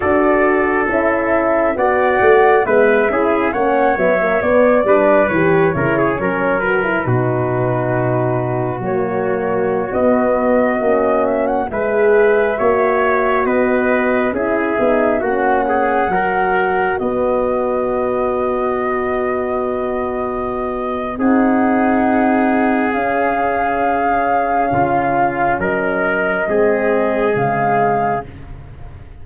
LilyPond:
<<
  \new Staff \with { instrumentName = "flute" } { \time 4/4 \tempo 4 = 68 d''4 e''4 fis''4 e''4 | fis''8 e''8 d''4 cis''4. b'8~ | b'2 cis''4~ cis''16 dis''8.~ | dis''8. e''16 fis''16 e''2 dis''8.~ |
dis''16 e''4 fis''2 dis''8.~ | dis''1 | fis''2 f''2~ | f''4 dis''2 f''4 | }
  \new Staff \with { instrumentName = "trumpet" } { \time 4/4 a'2 d''4 b'8 gis'8 | cis''4. b'4 ais'16 gis'16 ais'4 | fis'1~ | fis'4~ fis'16 b'4 cis''4 b'8.~ |
b'16 gis'4 fis'8 gis'8 ais'4 b'8.~ | b'1 | gis'1 | f'4 ais'4 gis'2 | }
  \new Staff \with { instrumentName = "horn" } { \time 4/4 fis'4 e'4 fis'4 b8 e'8 | cis'8 b16 ais16 b8 d'8 g'8 e'8 cis'8 fis'16 e'16 | dis'2 ais4~ ais16 b8.~ | b16 cis'4 gis'4 fis'4.~ fis'16~ |
fis'16 e'8 dis'8 cis'4 fis'4.~ fis'16~ | fis'1 | dis'2 cis'2~ | cis'2 c'4 gis4 | }
  \new Staff \with { instrumentName = "tuba" } { \time 4/4 d'4 cis'4 b8 a8 gis8 cis'8 | ais8 fis8 b8 g8 e8 cis8 fis4 | b,2 fis4~ fis16 b8.~ | b16 ais4 gis4 ais4 b8.~ |
b16 cis'8 b8 ais4 fis4 b8.~ | b1 | c'2 cis'2 | cis4 fis4 gis4 cis4 | }
>>